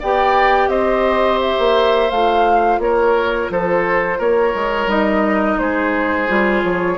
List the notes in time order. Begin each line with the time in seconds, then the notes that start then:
0.00 B3 G4 D5 G5
0.68 C4 C5 D#5
1.41 E5
1.59 A#3
2.10 A3 F4 F5
2.79 A#3 A#4 C#5
3.50 F3 A4 C5
4.18 A#3 A#4 C#5
4.55 G#3
4.87 G3 D#4 D#5
5.59 G#3 G#4 C5
6.28 G3 F4
6.64 F3 C#5